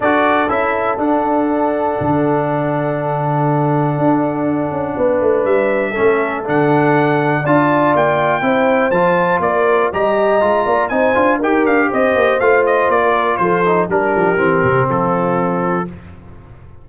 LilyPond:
<<
  \new Staff \with { instrumentName = "trumpet" } { \time 4/4 \tempo 4 = 121 d''4 e''4 fis''2~ | fis''1~ | fis''2. e''4~ | e''4 fis''2 a''4 |
g''2 a''4 d''4 | ais''2 gis''4 g''8 f''8 | dis''4 f''8 dis''8 d''4 c''4 | ais'2 a'2 | }
  \new Staff \with { instrumentName = "horn" } { \time 4/4 a'1~ | a'1~ | a'2 b'2 | a'2. d''4~ |
d''4 c''2 ais'4 | dis''4. d''8 c''4 ais'4 | c''2~ c''16 ais'8. a'4 | g'2 f'2 | }
  \new Staff \with { instrumentName = "trombone" } { \time 4/4 fis'4 e'4 d'2~ | d'1~ | d'1 | cis'4 d'2 f'4~ |
f'4 e'4 f'2 | g'4 f'4 dis'8 f'8 g'4~ | g'4 f'2~ f'8 dis'8 | d'4 c'2. | }
  \new Staff \with { instrumentName = "tuba" } { \time 4/4 d'4 cis'4 d'2 | d1 | d'4. cis'8 b8 a8 g4 | a4 d2 d'4 |
ais4 c'4 f4 ais4 | g4 gis8 ais8 c'8 d'8 dis'8 d'8 | c'8 ais8 a4 ais4 f4 | g8 f8 e8 c8 f2 | }
>>